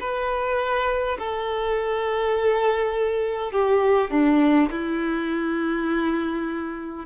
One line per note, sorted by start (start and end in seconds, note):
0.00 1.18 B4
1.18 3.51 A4
3.51 4.10 G4
4.10 4.69 D4
4.71 7.05 E4